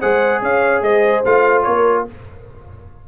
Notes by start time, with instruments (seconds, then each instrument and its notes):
0.00 tuba G#3, trombone G#4, horn C5, trumpet F#5
0.42 tuba C#4, horn C#5, trumpet F5
0.81 tuba G#3, horn C5, trumpet D#5
1.25 tuba A3, trombone F4, trumpet F5
1.63 tuba A#3, horn A#4, trumpet C#5